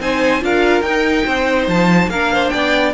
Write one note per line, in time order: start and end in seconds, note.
0.00 0.42 C4
0.00 0.41 D#4
0.00 0.43 C5
0.00 0.44 G#5
0.41 0.82 D4
0.41 0.83 F4
0.41 1.26 A#4
0.41 0.82 F5
0.82 1.24 D#4
0.82 2.12 D#4
0.82 1.66 G5
1.26 1.67 C4
1.26 2.09 C5
1.67 2.07 F3
1.67 2.10 A5
2.07 2.49 A#3
2.07 2.33 A#4
2.07 2.49 F5
2.13 2.94 D4
2.33 2.53 C5
2.49 2.94 B3
2.49 2.94 D5
2.49 2.91 G5